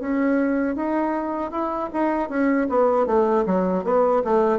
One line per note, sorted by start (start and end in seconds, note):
0.00 0.75 C#4
0.75 1.51 D#4
1.51 1.90 E4
1.93 2.29 D#4
2.29 2.67 C#4
2.69 3.06 B3
3.06 3.45 A3
3.45 3.84 F#3
3.84 4.22 B3
4.24 4.59 A3